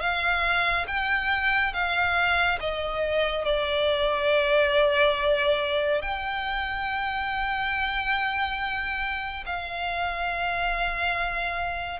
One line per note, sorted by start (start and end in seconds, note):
0.00 0.86 F5
0.87 1.73 G5
1.73 2.59 F5
2.60 3.45 D#5
3.45 6.01 D5
6.01 9.44 G5
9.46 12.00 F5